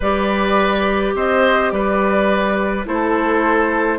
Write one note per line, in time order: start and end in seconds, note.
0.00 1.14 G3
0.00 2.85 G4
0.00 1.14 B4
0.00 1.15 D5
1.14 1.71 C4
1.14 1.72 C5
1.14 1.70 D#5
1.70 2.85 G3
1.70 2.87 B4
1.70 2.84 D5
2.85 3.98 A3
2.85 3.98 E4
2.85 3.98 A4
2.85 3.98 C5